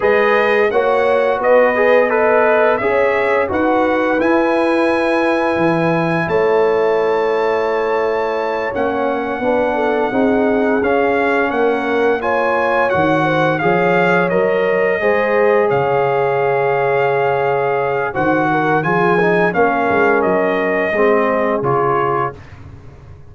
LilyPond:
<<
  \new Staff \with { instrumentName = "trumpet" } { \time 4/4 \tempo 4 = 86 dis''4 fis''4 dis''4 b'4 | e''4 fis''4 gis''2~ | gis''4 a''2.~ | a''8 fis''2. f''8~ |
f''8 fis''4 gis''4 fis''4 f''8~ | f''8 dis''2 f''4.~ | f''2 fis''4 gis''4 | f''4 dis''2 cis''4 | }
  \new Staff \with { instrumentName = "horn" } { \time 4/4 b'4 cis''4 b'4 dis''4 | cis''4 b'2.~ | b'4 cis''2.~ | cis''4. b'8 a'8 gis'4.~ |
gis'8 ais'4 cis''4. c''8 cis''8~ | cis''4. c''4 cis''4.~ | cis''2 c''8 ais'8 gis'4 | ais'2 gis'2 | }
  \new Staff \with { instrumentName = "trombone" } { \time 4/4 gis'4 fis'4. gis'8 a'4 | gis'4 fis'4 e'2~ | e'1~ | e'8 cis'4 d'4 dis'4 cis'8~ |
cis'4. f'4 fis'4 gis'8~ | gis'8 ais'4 gis'2~ gis'8~ | gis'2 fis'4 f'8 dis'8 | cis'2 c'4 f'4 | }
  \new Staff \with { instrumentName = "tuba" } { \time 4/4 gis4 ais4 b2 | cis'4 dis'4 e'2 | e4 a2.~ | a8 ais4 b4 c'4 cis'8~ |
cis'8 ais2 dis4 f8~ | f8 fis4 gis4 cis4.~ | cis2 dis4 f4 | ais8 gis8 fis4 gis4 cis4 | }
>>